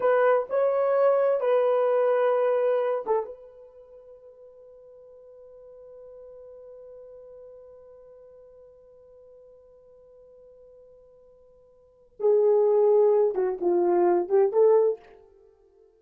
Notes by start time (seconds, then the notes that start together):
0.00 B4
0.49 C#5
1.40 B4
3.06 A4
3.25 B4
12.19 G#4
13.35 F#4
13.60 F4
14.28 G4
14.52 A4